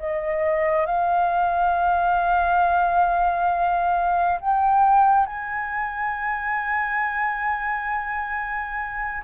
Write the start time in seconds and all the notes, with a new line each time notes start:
0.00 D#5
0.87 F5
4.41 G5
5.27 G#5